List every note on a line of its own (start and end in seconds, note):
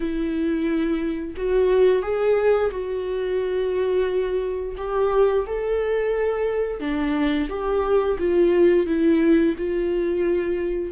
0.00 1.35 E4
1.36 2.02 F#4
2.02 2.70 G#4
2.71 4.75 F#4
4.77 5.45 G4
5.46 6.80 A4
6.80 7.48 D4
7.49 8.17 G4
8.18 8.86 F4
8.86 9.54 E4
9.57 10.92 F4